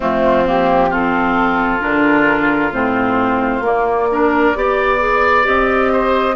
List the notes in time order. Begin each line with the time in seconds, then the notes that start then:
0.00 F3 A3 C4 F4
0.45 A#3 G4
0.90 C4 F4 A4
1.80 D3 D4 A#4
2.72 A2 C4 C5
3.60 A#3 D5
4.11 D4 A#4
4.55 B3 G4 D5
4.98 G#4
5.43 C4 G4 D#5
5.92 C5